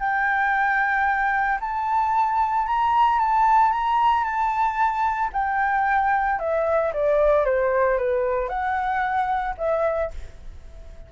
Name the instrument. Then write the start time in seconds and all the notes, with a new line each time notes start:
flute
0.00 G5
1.61 A5
2.67 A#5
3.20 A5
3.72 A#5
4.24 A5
5.33 G5
6.40 E5
6.94 D5
7.45 C5
7.98 B4
8.49 F#5
9.58 E5